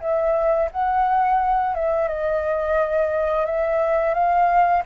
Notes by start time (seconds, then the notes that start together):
0.00 E5
0.71 F#5
1.75 E5
2.08 D#5
3.45 E5
4.14 F5